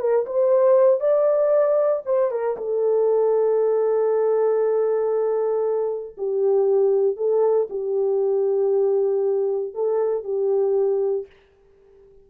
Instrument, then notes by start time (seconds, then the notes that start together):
horn
0.00 A#4
0.27 C5
1.01 D5
2.06 C5
2.31 A#4
2.58 A4
6.18 G4
7.17 A4
7.70 G4
9.75 A4
10.24 G4